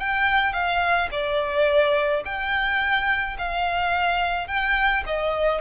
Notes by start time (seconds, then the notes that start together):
0.00 G5
0.53 F5
1.12 D5
2.25 G5
3.38 F5
4.48 G5
5.06 D#5